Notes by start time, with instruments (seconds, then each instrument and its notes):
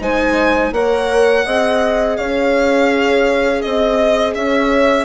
0.00 bassoon G#3, viola D#4, horn C5, violin G#5
0.72 bassoon A#3, viola A#4, horn C#5, violin F#5
1.46 bassoon C4, viola G#4, horn D#5
2.17 bassoon C#4, horn C#5, violin F5
3.61 bassoon C4, violin D#5, horn D#5
4.34 bassoon C#4, horn C#5, violin E5